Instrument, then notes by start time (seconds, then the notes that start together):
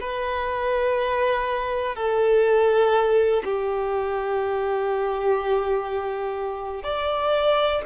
violin
0.00 B4
1.95 A4
3.44 G4
6.83 D5